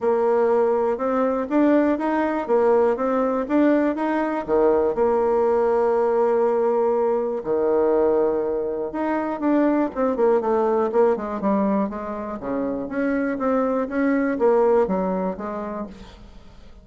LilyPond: \new Staff \with { instrumentName = "bassoon" } { \time 4/4 \tempo 4 = 121 ais2 c'4 d'4 | dis'4 ais4 c'4 d'4 | dis'4 dis4 ais2~ | ais2. dis4~ |
dis2 dis'4 d'4 | c'8 ais8 a4 ais8 gis8 g4 | gis4 cis4 cis'4 c'4 | cis'4 ais4 fis4 gis4 | }